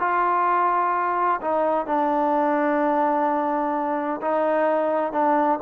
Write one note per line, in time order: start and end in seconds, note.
0.00 1.41 F4
1.41 1.87 D#4
1.87 4.21 D4
4.22 5.12 D#4
5.12 5.59 D4